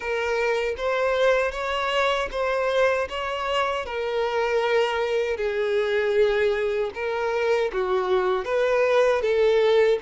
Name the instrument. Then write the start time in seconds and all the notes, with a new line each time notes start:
violin
0.00 A#4
0.77 C5
1.51 C#5
2.31 C5
3.09 C#5
3.85 A#4
5.36 G#4
6.94 A#4
7.72 F#4
8.44 B4
9.21 A4